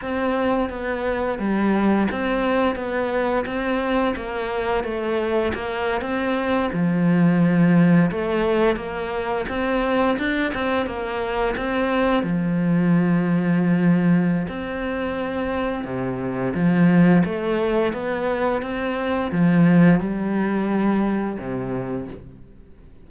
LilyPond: \new Staff \with { instrumentName = "cello" } { \time 4/4 \tempo 4 = 87 c'4 b4 g4 c'4 | b4 c'4 ais4 a4 | ais8. c'4 f2 a16~ | a8. ais4 c'4 d'8 c'8 ais16~ |
ais8. c'4 f2~ f16~ | f4 c'2 c4 | f4 a4 b4 c'4 | f4 g2 c4 | }